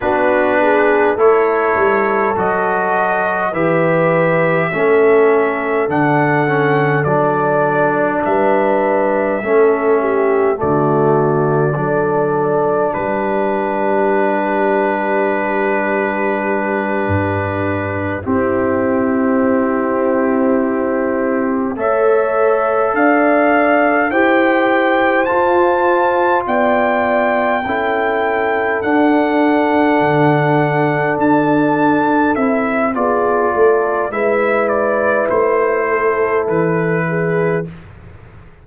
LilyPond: <<
  \new Staff \with { instrumentName = "trumpet" } { \time 4/4 \tempo 4 = 51 b'4 cis''4 dis''4 e''4~ | e''4 fis''4 d''4 e''4~ | e''4 d''2 b'4~ | b'2.~ b'8 g'8~ |
g'2~ g'8 e''4 f''8~ | f''8 g''4 a''4 g''4.~ | g''8 fis''2 a''4 e''8 | d''4 e''8 d''8 c''4 b'4 | }
  \new Staff \with { instrumentName = "horn" } { \time 4/4 fis'8 gis'8 a'2 b'4 | a'2. b'4 | a'8 g'8 fis'4 a'4 g'4~ | g'2.~ g'8 e'8~ |
e'2~ e'8 cis''4 d''8~ | d''8 c''2 d''4 a'8~ | a'1 | gis'8 a'8 b'4. a'4 gis'8 | }
  \new Staff \with { instrumentName = "trombone" } { \time 4/4 d'4 e'4 fis'4 g'4 | cis'4 d'8 cis'8 d'2 | cis'4 a4 d'2~ | d'2.~ d'8 c'8~ |
c'2~ c'8 a'4.~ | a'8 g'4 f'2 e'8~ | e'8 d'2. e'8 | f'4 e'2. | }
  \new Staff \with { instrumentName = "tuba" } { \time 4/4 b4 a8 g8 fis4 e4 | a4 d4 fis4 g4 | a4 d4 fis4 g4~ | g2~ g8 g,4 c'8~ |
c'2~ c'8 a4 d'8~ | d'8 e'4 f'4 b4 cis'8~ | cis'8 d'4 d4 d'4 c'8 | b8 a8 gis4 a4 e4 | }
>>